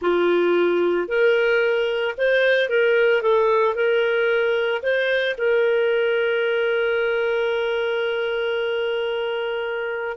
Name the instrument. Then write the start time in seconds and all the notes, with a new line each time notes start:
clarinet
0.01 F4
1.08 A#4
2.17 C5
2.69 A#4
3.22 A4
3.75 A#4
4.82 C5
5.37 A#4